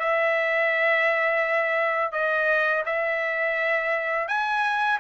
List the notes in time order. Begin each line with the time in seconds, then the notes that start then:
0.00 E5
2.12 D#5
2.86 E5
4.28 G#5